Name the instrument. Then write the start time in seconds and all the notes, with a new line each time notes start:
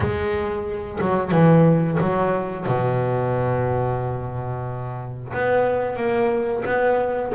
double bass
0.00 G#3
1.01 F#3
1.31 E3
2.00 F#3
2.66 B2
5.33 B3
5.96 A#3
6.65 B3